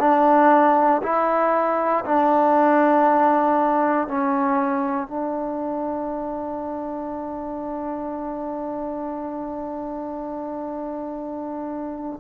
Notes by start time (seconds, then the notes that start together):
0.00 D4
1.03 E4
2.05 D4
4.08 C#4
5.08 D4